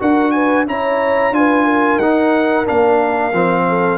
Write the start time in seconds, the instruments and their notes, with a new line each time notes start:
0.00 tuba D4, trombone F#4, horn A#4, trumpet F#5
0.32 horn B4, trumpet G#5
0.67 tuba C#4, trombone E4, horn C#5, trumpet A#5
1.31 tuba D4, trombone F4, trumpet G#5
1.37 horn B4
1.65 horn A#4
1.97 tuba D#4, trombone D#4, trumpet F#5
2.65 tuba A#3, trombone D4, trumpet F5
3.33 tuba F3, trombone C4
3.69 horn A4